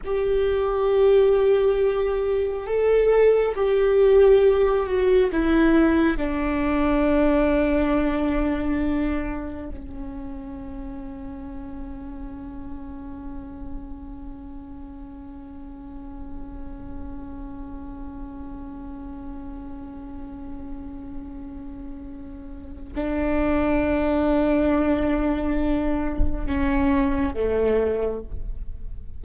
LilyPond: \new Staff \with { instrumentName = "viola" } { \time 4/4 \tempo 4 = 68 g'2. a'4 | g'4. fis'8 e'4 d'4~ | d'2. cis'4~ | cis'1~ |
cis'1~ | cis'1~ | cis'2 d'2~ | d'2 cis'4 a4 | }